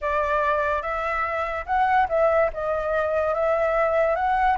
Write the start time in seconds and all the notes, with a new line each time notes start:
0.01 D5
0.81 E5
1.66 F#5
2.08 E5
2.53 D#5
3.34 E5
4.15 F#5